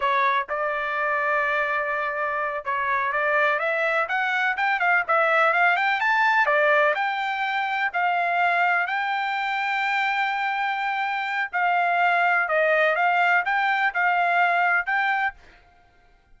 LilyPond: \new Staff \with { instrumentName = "trumpet" } { \time 4/4 \tempo 4 = 125 cis''4 d''2.~ | d''4. cis''4 d''4 e''8~ | e''8 fis''4 g''8 f''8 e''4 f''8 | g''8 a''4 d''4 g''4.~ |
g''8 f''2 g''4.~ | g''1 | f''2 dis''4 f''4 | g''4 f''2 g''4 | }